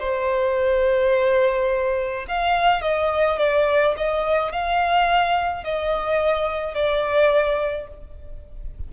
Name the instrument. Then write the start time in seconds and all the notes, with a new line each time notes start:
violin
0.00 C5
2.28 F5
2.82 D#5
3.39 D5
3.97 D#5
4.52 F5
5.64 D#5
6.75 D5